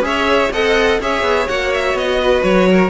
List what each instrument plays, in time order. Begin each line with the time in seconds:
0.00 cello C#4, viola G#4, violin C#5 E5
0.50 cello C4, viola A4, violin D#5 F#5
1.00 cello C#4, viola G#4, violin C#5 E5
1.22 cello B3
1.48 cello A#3, viola F#4, violin F#5
1.74 violin E5
1.94 cello B3, violin D#5
2.21 violin B4
2.43 cello F#3, violin C#5
2.70 violin A#4